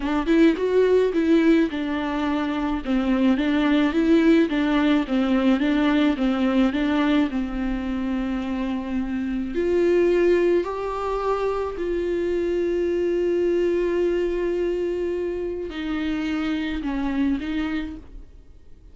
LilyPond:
\new Staff \with { instrumentName = "viola" } { \time 4/4 \tempo 4 = 107 d'8 e'8 fis'4 e'4 d'4~ | d'4 c'4 d'4 e'4 | d'4 c'4 d'4 c'4 | d'4 c'2.~ |
c'4 f'2 g'4~ | g'4 f'2.~ | f'1 | dis'2 cis'4 dis'4 | }